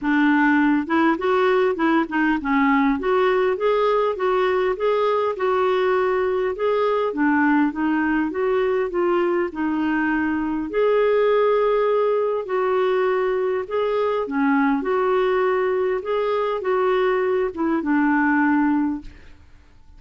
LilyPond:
\new Staff \with { instrumentName = "clarinet" } { \time 4/4 \tempo 4 = 101 d'4. e'8 fis'4 e'8 dis'8 | cis'4 fis'4 gis'4 fis'4 | gis'4 fis'2 gis'4 | d'4 dis'4 fis'4 f'4 |
dis'2 gis'2~ | gis'4 fis'2 gis'4 | cis'4 fis'2 gis'4 | fis'4. e'8 d'2 | }